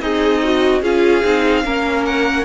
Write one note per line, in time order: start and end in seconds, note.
0.00 0.82 C4
0.00 0.81 D#4
0.00 0.42 G#4
0.00 0.81 D#5
0.44 0.83 F#4
0.81 1.23 C#4
0.81 1.24 F4
0.81 1.62 G#4
0.81 2.05 F5
1.24 1.64 C4
1.24 1.64 D#4
1.64 2.45 A#3
1.64 2.45 C#4
1.64 2.45 A#4
2.05 2.45 F#5